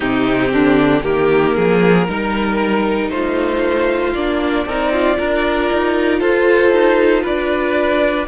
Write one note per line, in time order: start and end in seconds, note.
0.00 0.52 C3
0.00 1.02 C4
0.00 0.52 D#4
0.00 1.02 G4
0.52 1.04 D3
0.52 1.03 D4
1.02 1.56 D#3
1.02 2.06 A#3
1.02 1.55 G4
1.02 3.09 A#4
1.55 2.08 F3
1.55 2.07 G#4
2.08 3.09 G3
2.08 4.15 D#4
2.08 3.11 A#4
3.09 4.13 A3
3.09 4.66 F4
3.09 4.13 C5
4.13 4.65 A#3
4.13 4.68 D4
4.13 6.19 D5
4.65 5.17 C4
4.65 5.16 D#4
4.65 4.92 A#4
4.92 5.17 F4
5.16 5.71 D4
5.16 8.26 F4
5.16 6.19 A#4
5.72 6.20 D#4
6.19 6.71 F4
6.19 7.22 A4
6.19 7.23 C5
6.71 7.22 D#4
7.22 8.27 D4
7.22 8.26 B4
7.22 8.27 D5